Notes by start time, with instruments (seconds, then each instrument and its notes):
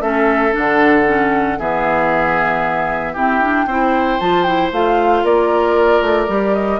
0.00 bassoon A3, clarinet C#4, oboe A4, flute E5
0.51 bassoon D3, clarinet D4, flute F#5
1.07 clarinet C#4
1.58 bassoon E3, clarinet B3, oboe G#4, flute E5
3.13 clarinet C4, bassoon E4, oboe G4, flute G5
3.41 clarinet D4
3.66 bassoon C4, clarinet E4, oboe C5
4.20 bassoon F3, clarinet F4, flute A5
4.43 clarinet E4, flute G5
4.72 bassoon A3, clarinet F4, flute F5
5.23 bassoon A#3, oboe A#4, flute D5
6.01 bassoon A3
6.28 bassoon G3, clarinet G4
6.53 flute D#5